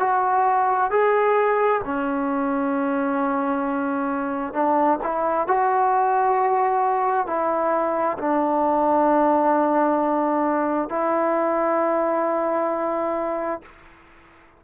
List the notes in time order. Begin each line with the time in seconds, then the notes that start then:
0.00 F#4
0.91 G#4
1.85 C#4
4.54 D4
5.04 E4
5.48 F#4
7.27 E4
8.19 D4
10.90 E4